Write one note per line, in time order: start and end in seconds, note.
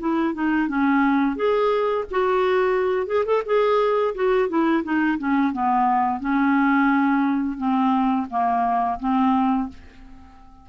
0.00 0.34 E4
0.34 0.69 D#4
0.69 1.36 C#4
1.36 2.05 G#4
2.11 3.08 F#4
3.08 3.25 G#4
3.26 3.43 A4
3.46 4.15 G#4
4.15 4.49 F#4
4.49 4.84 E4
4.84 5.18 D#4
5.19 5.53 C#4
5.53 6.21 B3
6.21 7.58 C#4
7.58 8.27 C4
8.31 9.00 A#3
9.00 9.69 C4